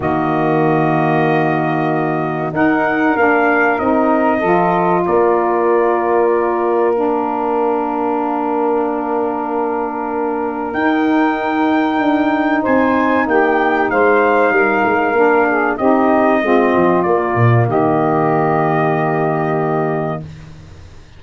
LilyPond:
<<
  \new Staff \with { instrumentName = "trumpet" } { \time 4/4 \tempo 4 = 95 dis''1 | fis''4 f''4 dis''2 | d''2. f''4~ | f''1~ |
f''4 g''2. | gis''4 g''4 f''2~ | f''4 dis''2 d''4 | dis''1 | }
  \new Staff \with { instrumentName = "saxophone" } { \time 4/4 fis'1 | ais'2. a'4 | ais'1~ | ais'1~ |
ais'1 | c''4 g'4 c''4 ais'4~ | ais'8 gis'8 g'4 f'2 | g'1 | }
  \new Staff \with { instrumentName = "saxophone" } { \time 4/4 ais1 | dis'4 d'4 dis'4 f'4~ | f'2. d'4~ | d'1~ |
d'4 dis'2.~ | dis'1 | d'4 dis'4 c'4 ais4~ | ais1 | }
  \new Staff \with { instrumentName = "tuba" } { \time 4/4 dis1 | dis'4 ais4 c'4 f4 | ais1~ | ais1~ |
ais4 dis'2 d'4 | c'4 ais4 gis4 g8 gis8 | ais4 c'4 gis8 f8 ais8 ais,8 | dis1 | }
>>